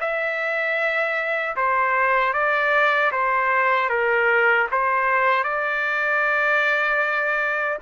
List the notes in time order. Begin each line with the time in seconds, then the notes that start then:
0.00 E5
1.56 C5
2.33 D5
3.12 C5
3.90 A#4
4.71 C5
5.44 D5